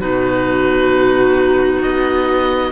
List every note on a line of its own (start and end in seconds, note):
0.00 1.83 B2
0.00 2.72 D#4
0.00 2.72 F#4
0.00 1.82 B4
1.82 2.72 B3
1.82 2.72 D#5